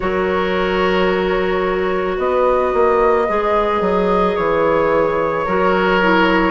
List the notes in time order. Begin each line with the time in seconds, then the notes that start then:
0.00 F#3 F#4 A#4 C#5
2.17 B3 B4 D#5
2.73 A#3
3.28 G#3 G#4
3.80 F#3
4.36 E3 C#5
5.44 F#3 F#4 A#4
6.01 E4